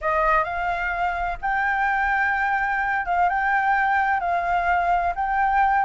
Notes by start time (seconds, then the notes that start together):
0.01 D#5
0.44 F5
1.41 G5
3.05 F5
3.29 G5
4.20 F5
5.15 G5